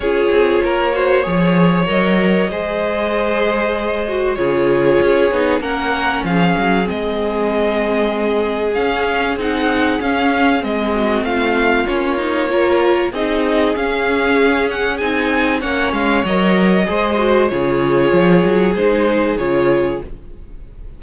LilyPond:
<<
  \new Staff \with { instrumentName = "violin" } { \time 4/4 \tempo 4 = 96 cis''2. dis''4~ | dis''2. cis''4~ | cis''4 fis''4 f''4 dis''4~ | dis''2 f''4 fis''4 |
f''4 dis''4 f''4 cis''4~ | cis''4 dis''4 f''4. fis''8 | gis''4 fis''8 f''8 dis''2 | cis''2 c''4 cis''4 | }
  \new Staff \with { instrumentName = "violin" } { \time 4/4 gis'4 ais'8 c''8 cis''2 | c''2. gis'4~ | gis'4 ais'4 gis'2~ | gis'1~ |
gis'4. fis'8 f'2 | ais'4 gis'2.~ | gis'4 cis''2 c''4 | gis'1 | }
  \new Staff \with { instrumentName = "viola" } { \time 4/4 f'4. fis'8 gis'4 ais'4 | gis'2~ gis'8 fis'8 f'4~ | f'8 dis'8 cis'2 c'4~ | c'2 cis'4 dis'4 |
cis'4 c'2 cis'8 dis'8 | f'4 dis'4 cis'2 | dis'4 cis'4 ais'4 gis'8 fis'8 | f'2 dis'4 f'4 | }
  \new Staff \with { instrumentName = "cello" } { \time 4/4 cis'8 c'8 ais4 f4 fis4 | gis2. cis4 | cis'8 b8 ais4 f8 fis8 gis4~ | gis2 cis'4 c'4 |
cis'4 gis4 a4 ais4~ | ais4 c'4 cis'2 | c'4 ais8 gis8 fis4 gis4 | cis4 f8 fis8 gis4 cis4 | }
>>